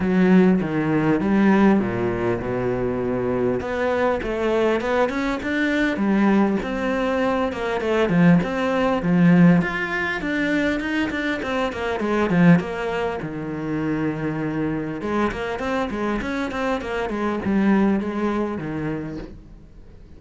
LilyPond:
\new Staff \with { instrumentName = "cello" } { \time 4/4 \tempo 4 = 100 fis4 dis4 g4 ais,4 | b,2 b4 a4 | b8 cis'8 d'4 g4 c'4~ | c'8 ais8 a8 f8 c'4 f4 |
f'4 d'4 dis'8 d'8 c'8 ais8 | gis8 f8 ais4 dis2~ | dis4 gis8 ais8 c'8 gis8 cis'8 c'8 | ais8 gis8 g4 gis4 dis4 | }